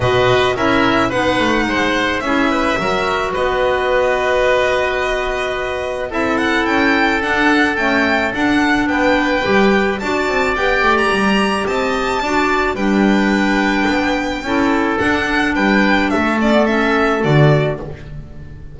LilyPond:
<<
  \new Staff \with { instrumentName = "violin" } { \time 4/4 \tempo 4 = 108 dis''4 e''4 fis''2 | e''2 dis''2~ | dis''2. e''8 fis''8 | g''4 fis''4 g''4 fis''4 |
g''2 a''4 g''8. ais''16~ | ais''4 a''2 g''4~ | g''2. fis''4 | g''4 e''8 d''8 e''4 d''4 | }
  \new Staff \with { instrumentName = "oboe" } { \time 4/4 b'4 ais'4 b'4 c''4 | gis'8 b'8 ais'4 b'2~ | b'2. a'4~ | a'1 |
b'2 d''2~ | d''4 dis''4 d''4 b'4~ | b'2 a'2 | b'4 a'2. | }
  \new Staff \with { instrumentName = "clarinet" } { \time 4/4 fis'4 e'4 dis'2 | e'4 fis'2.~ | fis'2. e'4~ | e'4 d'4 a4 d'4~ |
d'4 g'4 fis'4 g'4~ | g'2 fis'4 d'4~ | d'2 e'4 d'4~ | d'4. cis'16 b16 cis'4 fis'4 | }
  \new Staff \with { instrumentName = "double bass" } { \time 4/4 b,4 cis'4 b8 a8 gis4 | cis'4 fis4 b2~ | b2. c'4 | cis'4 d'4 cis'4 d'4 |
b4 g4 d'8 c'8 b8 a8 | g4 c'4 d'4 g4~ | g4 b4 cis'4 d'4 | g4 a2 d4 | }
>>